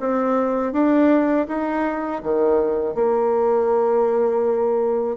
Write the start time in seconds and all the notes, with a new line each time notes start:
0.00 C4
0.72 D4
1.48 D#4
2.23 D#3
2.95 A#3